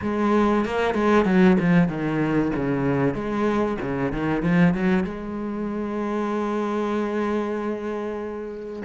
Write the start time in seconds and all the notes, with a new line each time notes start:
0.01 G#3
0.65 A#3
0.94 G#3
1.25 F#3
1.59 F3
1.88 D#3
2.55 C#3
3.14 G#3
3.81 C#3
4.12 D#3
4.42 F3
4.74 F#3
5.04 G#3